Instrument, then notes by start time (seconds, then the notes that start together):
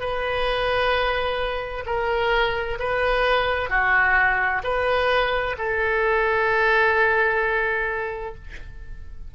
oboe
0.00 B4
1.86 A#4
2.79 B4
3.70 F#4
4.64 B4
5.58 A4